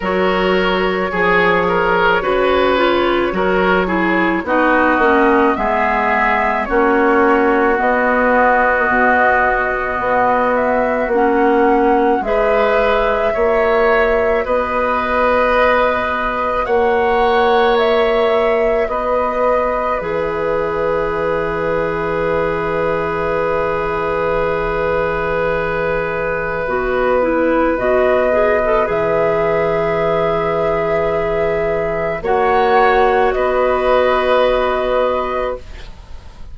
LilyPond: <<
  \new Staff \with { instrumentName = "flute" } { \time 4/4 \tempo 4 = 54 cis''1 | dis''4 e''4 cis''4 dis''4~ | dis''4. e''8 fis''4 e''4~ | e''4 dis''2 fis''4 |
e''4 dis''4 e''2~ | e''1~ | e''4 dis''4 e''2~ | e''4 fis''4 dis''2 | }
  \new Staff \with { instrumentName = "oboe" } { \time 4/4 ais'4 gis'8 ais'8 b'4 ais'8 gis'8 | fis'4 gis'4 fis'2~ | fis'2. b'4 | cis''4 b'2 cis''4~ |
cis''4 b'2.~ | b'1~ | b'1~ | b'4 cis''4 b'2 | }
  \new Staff \with { instrumentName = "clarinet" } { \time 4/4 fis'4 gis'4 fis'8 f'8 fis'8 e'8 | dis'8 cis'8 b4 cis'4 b4~ | b2 cis'4 gis'4 | fis'1~ |
fis'2 gis'2~ | gis'1 | fis'8 e'8 fis'8 gis'16 a'16 gis'2~ | gis'4 fis'2. | }
  \new Staff \with { instrumentName = "bassoon" } { \time 4/4 fis4 f4 cis4 fis4 | b8 ais8 gis4 ais4 b4 | b,4 b4 ais4 gis4 | ais4 b2 ais4~ |
ais4 b4 e2~ | e1 | b4 b,4 e2~ | e4 ais4 b2 | }
>>